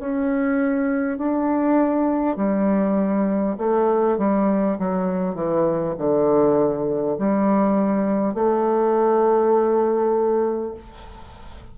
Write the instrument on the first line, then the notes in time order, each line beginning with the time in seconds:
bassoon
0.00 C#4
1.18 D4
2.37 G3
3.58 A3
4.18 G3
4.79 F#3
5.35 E3
5.98 D3
7.18 G3
8.35 A3